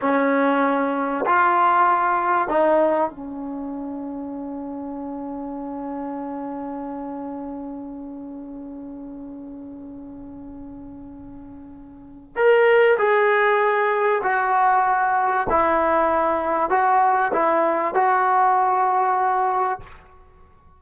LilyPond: \new Staff \with { instrumentName = "trombone" } { \time 4/4 \tempo 4 = 97 cis'2 f'2 | dis'4 cis'2.~ | cis'1~ | cis'1~ |
cis'1 | ais'4 gis'2 fis'4~ | fis'4 e'2 fis'4 | e'4 fis'2. | }